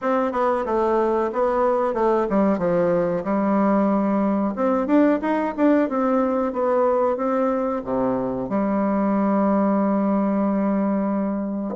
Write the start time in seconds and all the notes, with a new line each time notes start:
0.01 C4
0.32 B3
0.65 A3
1.33 B3
1.94 A3
2.29 G3
2.58 F3
3.24 G3
4.55 C4
4.86 D4
5.21 D#4
5.56 D4
5.89 C4
6.52 B3
7.16 C4
7.84 C3
8.49 G3